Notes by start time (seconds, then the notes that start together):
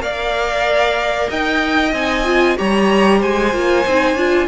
0.00 A#3 A#4 D5 F5
1.30 D#4 D#5 G5
1.93 C4 D#4 G#5
2.25 F4
2.57 G3 G4 C#5 A#5
3.19 G#3 C5 G#5
3.53 A#3 F4
3.86 C4 D#4
4.15 D4 F4